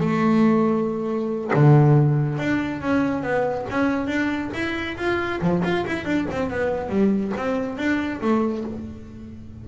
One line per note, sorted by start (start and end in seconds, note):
0.00 1.51 A3
1.54 2.38 D3
2.38 2.81 D4
2.81 3.23 C#4
3.23 3.66 B3
3.70 4.07 C#4
4.07 4.50 D4
4.54 4.97 E4
4.98 5.41 F4
5.41 5.63 F3
5.63 5.85 F4
5.87 6.05 E4
6.05 6.27 D4
6.31 6.50 C4
6.50 6.89 B3
6.89 7.32 G3
7.37 7.77 C4
7.77 8.21 D4
8.21 8.64 A3